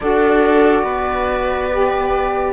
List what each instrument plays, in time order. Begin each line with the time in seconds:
0.00 cello D4, saxophone F#4, viola A4, flute D5
0.82 cello B3, viola B4
1.71 saxophone G4